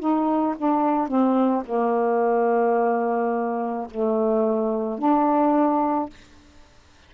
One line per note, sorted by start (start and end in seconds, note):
0.00 0.56 D#4
0.58 1.08 D4
1.08 1.64 C4
1.66 3.88 A#3
3.91 4.98 A3
4.98 6.10 D4